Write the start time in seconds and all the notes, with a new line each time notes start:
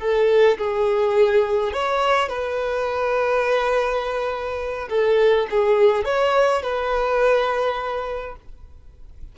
0.00 A4
0.58 G#4
1.73 C#5
2.29 B4
4.90 A4
5.51 G#4
6.05 C#5
6.63 B4